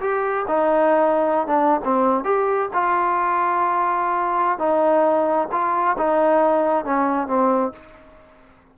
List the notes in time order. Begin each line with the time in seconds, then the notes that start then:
0.00 G4
0.47 D#4
1.47 D4
1.84 C4
2.24 G4
2.73 F4
4.58 D#4
5.51 F4
5.97 D#4
6.84 C#4
7.27 C4